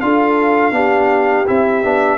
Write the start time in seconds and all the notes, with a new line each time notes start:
0.00 D4 F4 A4 F5
0.71 B3 D4 G4
1.46 C4 E4 E5
1.83 B3 D4